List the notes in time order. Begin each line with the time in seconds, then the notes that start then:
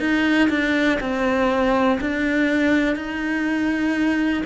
0.00 D#4
0.50 D4
1.01 C4
2.01 D4
2.96 D#4